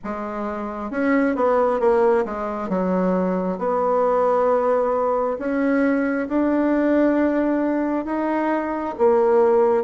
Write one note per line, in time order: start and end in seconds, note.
0.04 0.90 G#3
0.90 1.35 C#4
1.35 1.80 B3
1.80 2.24 A#3
2.25 2.69 G#3
2.69 3.58 F#3
3.58 5.37 B3
5.38 6.28 C#4
6.28 8.05 D4
8.05 8.94 D#4
8.98 9.83 A#3